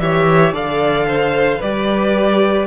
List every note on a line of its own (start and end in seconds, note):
0.00 0.52 E3
0.00 0.53 G4
0.00 0.53 C#5
0.00 0.54 E5
0.52 1.60 D3
0.52 1.60 A4
0.52 1.06 D5
0.52 1.62 F5
1.08 1.59 C5
1.59 2.67 G3
1.59 2.67 G4
1.59 2.66 B4
1.59 2.67 D5